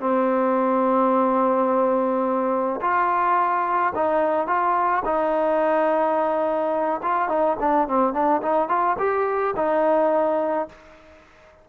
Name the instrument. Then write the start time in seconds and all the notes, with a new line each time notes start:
trombone
0.00 C4
2.81 F4
3.95 D#4
4.47 F4
5.05 D#4
7.03 F4
7.29 D#4
7.60 D4
7.88 C4
8.13 D4
8.42 D#4
8.69 F4
8.99 G4
9.57 D#4